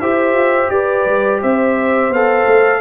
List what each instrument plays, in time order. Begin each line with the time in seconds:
0.00 tuba E4, trombone G4, horn C5, trumpet E5
0.33 tuba F4
0.69 tuba G4, horn B4, trumpet D5
1.06 tuba G3
1.41 tuba C4, horn C5, trumpet E5
2.10 tuba B3, trombone A4, trumpet F5
2.46 tuba A3